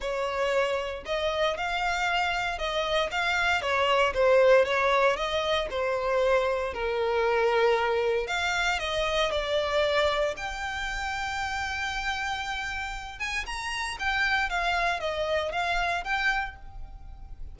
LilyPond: \new Staff \with { instrumentName = "violin" } { \time 4/4 \tempo 4 = 116 cis''2 dis''4 f''4~ | f''4 dis''4 f''4 cis''4 | c''4 cis''4 dis''4 c''4~ | c''4 ais'2. |
f''4 dis''4 d''2 | g''1~ | g''4. gis''8 ais''4 g''4 | f''4 dis''4 f''4 g''4 | }